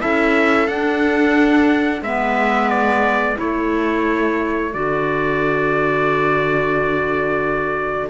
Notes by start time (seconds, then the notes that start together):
0.00 C#4 E4 A4 E5
0.67 D4 F#5
2.01 G#3 B3 B4 E5
2.69 D5
3.36 A3 E4 A4 C#5
4.73 D3 F#4 D5